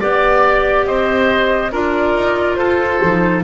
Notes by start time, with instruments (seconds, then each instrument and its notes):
0.00 double bass B3, clarinet G4, oboe D5, flute D5
0.86 double bass C4, oboe C5, flute D#5
1.72 double bass D4, clarinet F4, oboe A#4, flute D5
2.14 double bass D#4
2.55 double bass F4, oboe A4, flute C5
3.01 double bass F3, clarinet D#4